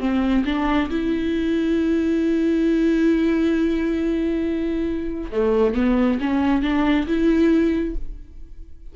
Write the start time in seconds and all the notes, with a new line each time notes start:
0.00 C4
0.45 D4
0.90 E4
5.31 A3
5.74 B3
6.21 C#4
6.63 D4
7.07 E4